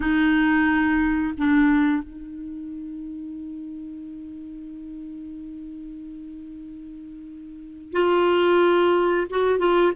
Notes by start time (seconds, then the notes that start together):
0.00 D#4
1.37 D4
2.03 D#4
7.92 F4
9.29 F#4
9.59 F4